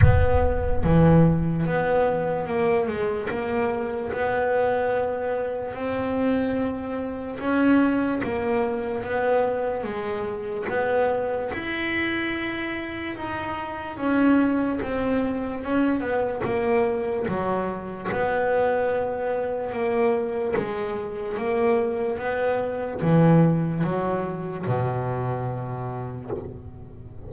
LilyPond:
\new Staff \with { instrumentName = "double bass" } { \time 4/4 \tempo 4 = 73 b4 e4 b4 ais8 gis8 | ais4 b2 c'4~ | c'4 cis'4 ais4 b4 | gis4 b4 e'2 |
dis'4 cis'4 c'4 cis'8 b8 | ais4 fis4 b2 | ais4 gis4 ais4 b4 | e4 fis4 b,2 | }